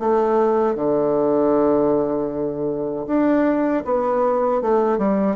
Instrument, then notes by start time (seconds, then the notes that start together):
bassoon
0.00 A3
0.76 D3
3.07 D4
3.85 B3
4.62 A3
4.98 G3